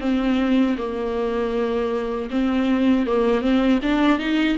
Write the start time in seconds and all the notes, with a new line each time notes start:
0.00 C4
0.77 A#3
2.30 C4
3.06 A#3
3.41 C4
3.82 D4
4.19 D#4